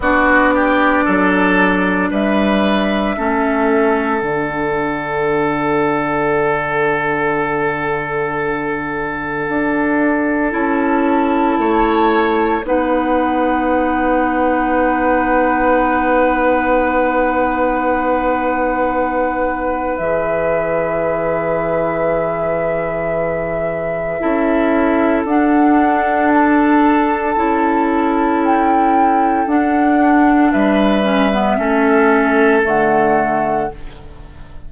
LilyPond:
<<
  \new Staff \with { instrumentName = "flute" } { \time 4/4 \tempo 4 = 57 d''2 e''2 | fis''1~ | fis''2 a''2 | fis''1~ |
fis''2. e''4~ | e''1 | fis''4 a''2 g''4 | fis''4 e''2 fis''4 | }
  \new Staff \with { instrumentName = "oboe" } { \time 4/4 fis'8 g'8 a'4 b'4 a'4~ | a'1~ | a'2. cis''4 | b'1~ |
b'1~ | b'2. a'4~ | a'1~ | a'4 b'4 a'2 | }
  \new Staff \with { instrumentName = "clarinet" } { \time 4/4 d'2. cis'4 | d'1~ | d'2 e'2 | dis'1~ |
dis'2. gis'4~ | gis'2. e'4 | d'2 e'2 | d'4. cis'16 b16 cis'4 a4 | }
  \new Staff \with { instrumentName = "bassoon" } { \time 4/4 b4 fis4 g4 a4 | d1~ | d4 d'4 cis'4 a4 | b1~ |
b2. e4~ | e2. cis'4 | d'2 cis'2 | d'4 g4 a4 d4 | }
>>